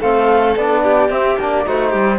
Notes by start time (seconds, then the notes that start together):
0.00 A3 C4 A4 F5
0.56 B3 D4 D5
0.83 G4
1.10 C4 E5
1.39 A#3 D4 D5
1.65 A3 D#4 F#4 C5
1.90 G3 G4